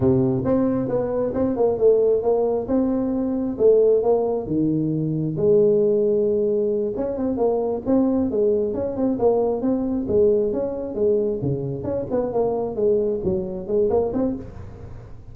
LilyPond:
\new Staff \with { instrumentName = "tuba" } { \time 4/4 \tempo 4 = 134 c4 c'4 b4 c'8 ais8 | a4 ais4 c'2 | a4 ais4 dis2 | gis2.~ gis8 cis'8 |
c'8 ais4 c'4 gis4 cis'8 | c'8 ais4 c'4 gis4 cis'8~ | cis'8 gis4 cis4 cis'8 b8 ais8~ | ais8 gis4 fis4 gis8 ais8 c'8 | }